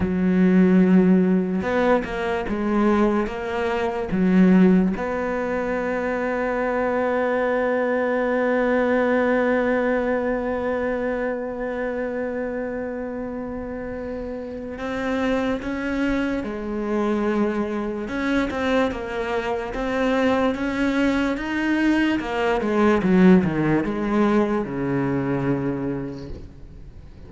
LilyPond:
\new Staff \with { instrumentName = "cello" } { \time 4/4 \tempo 4 = 73 fis2 b8 ais8 gis4 | ais4 fis4 b2~ | b1~ | b1~ |
b2 c'4 cis'4 | gis2 cis'8 c'8 ais4 | c'4 cis'4 dis'4 ais8 gis8 | fis8 dis8 gis4 cis2 | }